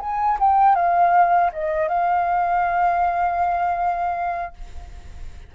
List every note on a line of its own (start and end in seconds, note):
0.00 0.38 G#5
0.40 0.75 G5
0.75 1.51 F5
1.53 1.88 D#5
1.88 4.54 F5